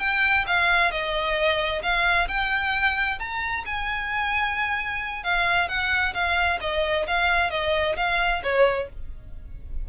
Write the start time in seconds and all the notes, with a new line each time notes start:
0.00 G5
0.47 F5
0.91 D#5
1.83 F5
2.28 G5
3.19 A#5
3.66 G#5
5.24 F5
5.69 F#5
6.14 F5
6.61 D#5
7.07 F5
7.51 D#5
7.97 F5
8.43 C#5